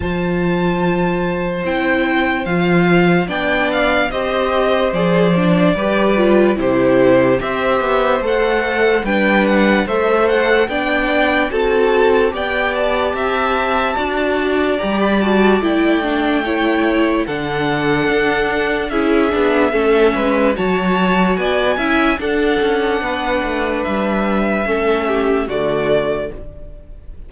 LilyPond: <<
  \new Staff \with { instrumentName = "violin" } { \time 4/4 \tempo 4 = 73 a''2 g''4 f''4 | g''8 f''8 dis''4 d''2 | c''4 e''4 fis''4 g''8 fis''8 | e''8 fis''8 g''4 a''4 g''8 a''8~ |
a''2 ais''16 b''16 a''8 g''4~ | g''4 fis''2 e''4~ | e''4 a''4 gis''4 fis''4~ | fis''4 e''2 d''4 | }
  \new Staff \with { instrumentName = "violin" } { \time 4/4 c''1 | d''4 c''2 b'4 | g'4 c''2 b'4 | c''4 d''4 a'4 d''4 |
e''4 d''2. | cis''4 a'2 gis'4 | a'8 b'8 cis''4 d''8 e''8 a'4 | b'2 a'8 g'8 fis'4 | }
  \new Staff \with { instrumentName = "viola" } { \time 4/4 f'2 e'4 f'4 | d'4 g'4 gis'8 d'8 g'8 f'8 | e'4 g'4 a'4 d'4 | a'4 d'4 fis'4 g'4~ |
g'4 fis'4 g'8 fis'8 e'8 d'8 | e'4 d'2 e'8 d'8 | cis'4 fis'4. e'8 d'4~ | d'2 cis'4 a4 | }
  \new Staff \with { instrumentName = "cello" } { \time 4/4 f2 c'4 f4 | b4 c'4 f4 g4 | c4 c'8 b8 a4 g4 | a4 b4 c'4 b4 |
c'4 d'4 g4 a4~ | a4 d4 d'4 cis'8 b8 | a8 gis8 fis4 b8 cis'8 d'8 cis'8 | b8 a8 g4 a4 d4 | }
>>